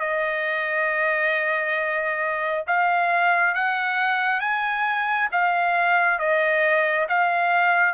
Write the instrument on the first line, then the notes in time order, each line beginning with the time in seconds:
trumpet
0.00 D#5
2.67 F5
3.54 F#5
4.40 G#5
5.31 F5
6.19 D#5
7.09 F5